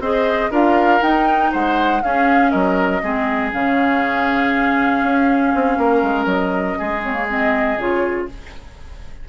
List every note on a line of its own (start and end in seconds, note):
0.00 0.50 C4
0.00 0.51 G#4
0.00 0.51 C5
0.00 0.52 D#5
0.51 1.01 D4
0.51 1.01 F4
0.51 1.51 A#4
0.51 1.02 F5
1.01 2.01 D#4
1.01 1.52 D#4
1.01 1.52 G5
1.52 2.03 G#3
1.52 2.02 C5
1.52 2.03 F#5
2.02 3.02 C#4
2.02 2.53 C#4
2.02 2.51 G#4
2.02 2.50 F5
2.50 3.03 F#3
2.50 3.01 A#4
2.50 3.50 D#5
3.02 3.53 G#3
3.02 3.52 C4
3.02 5.78 G#4
3.52 5.03 C#3
3.52 7.02 C#4
3.52 6.27 F5
5.03 5.53 C#4
5.55 5.78 C4
5.78 6.03 A#3
5.78 6.78 A#4
6.03 6.26 G#3
6.26 6.76 F#3
6.26 7.02 D#5
6.78 7.78 G#3
6.78 8.28 G#4
7.04 7.13 C4
7.04 7.29 C#5
7.13 7.26 A#3
7.29 7.79 C4
7.29 7.79 D#5
7.78 8.28 C#3
7.78 8.29 F4
7.78 8.29 C#5